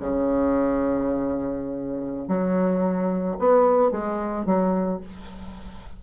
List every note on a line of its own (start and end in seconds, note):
0.00 2.28 C#3
2.28 3.37 F#3
3.39 3.91 B3
3.91 4.46 G#3
4.46 5.00 F#3